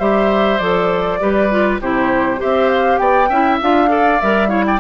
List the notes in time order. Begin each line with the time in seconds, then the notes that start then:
0.00 G3 G4 C5 E5
0.59 F3 A4 D5
1.20 G3 G4 B4
1.51 F4
1.81 C3 E4 G4 C5
2.38 C4 G4 C5 E5
2.69 F5
2.98 B3 D5 G5
3.29 C#4 E4 E5
3.62 D4 F4 F5
3.88 A4 D5
4.21 G3 A#4 E5
4.49 E4 C#5 F5
4.66 D5 G5